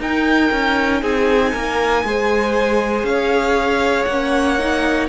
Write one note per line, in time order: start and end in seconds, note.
0.00 0.51 D#4
0.00 2.06 D#4
0.00 1.02 A#4
0.00 1.03 G5
0.52 1.03 C#4
1.02 1.54 C4
1.02 1.53 G#4
1.02 3.06 G#5
1.53 2.04 A#3
1.53 2.04 A#4
2.04 3.04 G#3
2.04 4.09 G#4
2.04 3.08 C5
3.04 4.05 C#4
3.04 5.10 C#5
3.04 4.05 F5
4.05 5.08 A#3
4.05 5.07 F#5
4.12 4.59 C#4
4.59 5.10 D#4